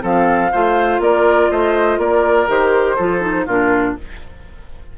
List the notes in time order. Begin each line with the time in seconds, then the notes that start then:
0.00 F3 C4 A4 F5
0.52 A3 F4 C5
0.99 A#3 A#4 D5
1.50 A3 C5 D#5
1.98 A#3 A#4 D5
2.48 D#3 G4 C5
2.96 F3 F4 A4
3.21 D#4
3.46 A#2 D4 F4 A#4